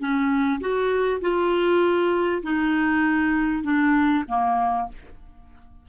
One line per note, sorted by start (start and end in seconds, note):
0.00 0.61 C#4
0.61 1.21 F#4
1.21 2.43 F4
2.43 3.64 D#4
3.64 4.25 D4
4.28 4.89 A#3